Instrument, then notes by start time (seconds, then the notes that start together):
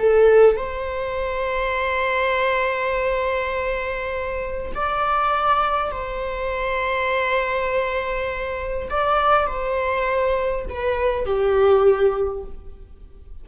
viola
0.00 A4
0.57 C5
4.75 D5
5.92 C5
8.91 D5
9.47 C5
10.70 B4
11.26 G4